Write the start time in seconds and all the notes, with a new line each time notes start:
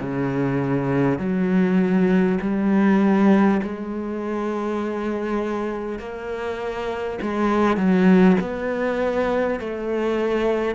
0.00 C#3
1.18 F#3
2.41 G3
3.63 G#3
5.99 A#3
7.22 G#3
7.77 F#3
8.41 B3
9.60 A3